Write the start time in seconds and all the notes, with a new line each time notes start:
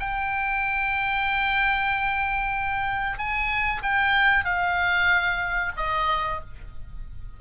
0.00 G5
3.18 G#5
3.83 G5
4.45 F5
5.77 D#5